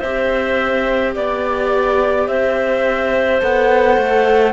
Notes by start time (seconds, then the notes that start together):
0.00 C4 G4 C5 E5
1.15 B3 D5
2.27 C4 C5 E5
3.41 B3 A4 F#5
3.98 A3